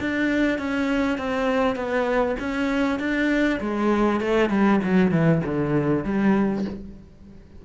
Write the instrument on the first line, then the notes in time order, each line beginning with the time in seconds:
cello
0.00 D4
0.58 C#4
1.18 C4
1.75 B3
2.39 C#4
2.99 D4
3.60 G#3
4.20 A3
4.50 G3
4.83 F#3
5.11 E3
5.45 D3
6.04 G3